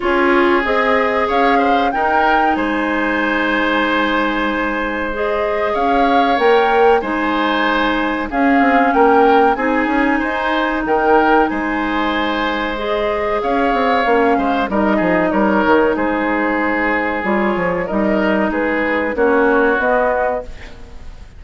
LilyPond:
<<
  \new Staff \with { instrumentName = "flute" } { \time 4/4 \tempo 4 = 94 cis''4 dis''4 f''4 g''4 | gis''1 | dis''4 f''4 g''4 gis''4~ | gis''4 f''4 g''4 gis''4~ |
gis''4 g''4 gis''2 | dis''4 f''2 dis''4 | cis''4 c''2 cis''4 | dis''4 b'4 cis''4 dis''4 | }
  \new Staff \with { instrumentName = "oboe" } { \time 4/4 gis'2 cis''8 c''8 ais'4 | c''1~ | c''4 cis''2 c''4~ | c''4 gis'4 ais'4 gis'4 |
c''4 ais'4 c''2~ | c''4 cis''4. c''8 ais'8 gis'8 | ais'4 gis'2. | ais'4 gis'4 fis'2 | }
  \new Staff \with { instrumentName = "clarinet" } { \time 4/4 f'4 gis'2 dis'4~ | dis'1 | gis'2 ais'4 dis'4~ | dis'4 cis'2 dis'4~ |
dis'1 | gis'2 cis'4 dis'4~ | dis'2. f'4 | dis'2 cis'4 b4 | }
  \new Staff \with { instrumentName = "bassoon" } { \time 4/4 cis'4 c'4 cis'4 dis'4 | gis1~ | gis4 cis'4 ais4 gis4~ | gis4 cis'8 c'8 ais4 c'8 cis'8 |
dis'4 dis4 gis2~ | gis4 cis'8 c'8 ais8 gis8 g8 f8 | g8 dis8 gis2 g8 f8 | g4 gis4 ais4 b4 | }
>>